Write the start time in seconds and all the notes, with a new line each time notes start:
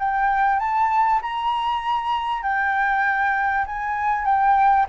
0.00 G5
0.60 A5
1.22 A#5
2.43 G5
3.67 G#5
4.26 G5